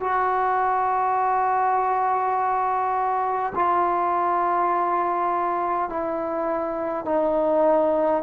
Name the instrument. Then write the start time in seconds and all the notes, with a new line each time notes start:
trombone
0.00 F#4
3.55 F4
5.89 E4
7.05 D#4